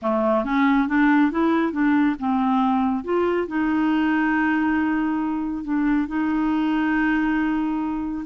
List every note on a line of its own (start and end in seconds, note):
0.01 0.44 A3
0.44 0.88 C#4
0.88 1.31 D4
1.31 1.72 E4
1.72 2.15 D4
2.19 3.04 C4
3.04 3.47 F4
3.47 5.64 D#4
5.64 6.07 D4
6.07 8.25 D#4